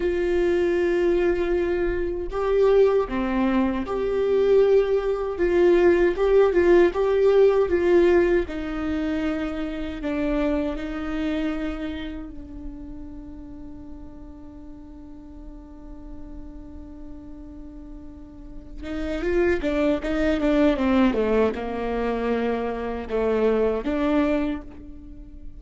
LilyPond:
\new Staff \with { instrumentName = "viola" } { \time 4/4 \tempo 4 = 78 f'2. g'4 | c'4 g'2 f'4 | g'8 f'8 g'4 f'4 dis'4~ | dis'4 d'4 dis'2 |
d'1~ | d'1~ | d'8 dis'8 f'8 d'8 dis'8 d'8 c'8 a8 | ais2 a4 d'4 | }